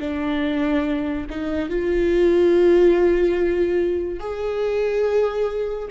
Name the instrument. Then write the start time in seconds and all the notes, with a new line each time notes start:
viola
0.00 D4
1.30 D#4
1.69 F4
4.20 G#4